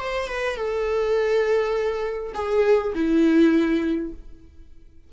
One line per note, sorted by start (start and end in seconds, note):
0.00 0.29 C5
0.29 0.57 B4
0.57 2.33 A4
2.35 2.94 G#4
2.95 4.13 E4